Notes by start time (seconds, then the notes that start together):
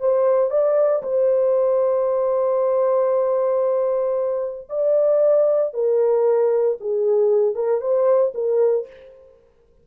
0.00 C5
0.50 D5
1.03 C5
4.69 D5
5.73 A#4
6.80 G#4
7.55 A#4
7.80 C5
8.34 A#4